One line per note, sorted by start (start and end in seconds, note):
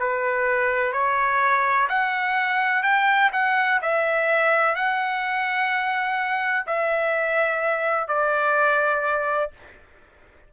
0.00 0.93 B4
0.93 1.88 C#5
1.90 2.84 F#5
2.84 3.31 G5
3.33 3.81 F#5
3.82 4.76 E5
4.76 6.66 F#5
6.67 8.09 E5
8.09 9.52 D5